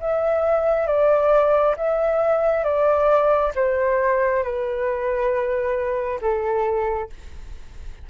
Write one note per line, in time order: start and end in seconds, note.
0.00 0.87 E5
0.87 1.75 D5
1.77 2.64 E5
2.64 3.52 D5
3.55 4.43 C5
4.43 6.20 B4
6.21 7.09 A4